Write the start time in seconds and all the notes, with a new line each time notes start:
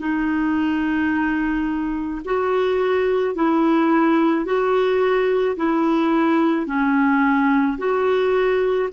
0.00 D#4
2.25 F#4
3.35 E4
4.45 F#4
5.57 E4
6.67 C#4
7.78 F#4